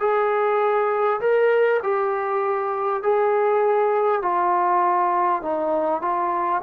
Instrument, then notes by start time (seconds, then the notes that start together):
trombone
0.00 G#4
1.21 A#4
1.83 G4
3.03 G#4
4.23 F4
5.43 D#4
6.02 F4